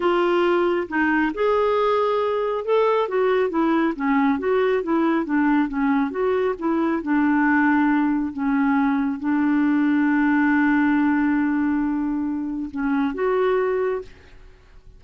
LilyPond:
\new Staff \with { instrumentName = "clarinet" } { \time 4/4 \tempo 4 = 137 f'2 dis'4 gis'4~ | gis'2 a'4 fis'4 | e'4 cis'4 fis'4 e'4 | d'4 cis'4 fis'4 e'4 |
d'2. cis'4~ | cis'4 d'2.~ | d'1~ | d'4 cis'4 fis'2 | }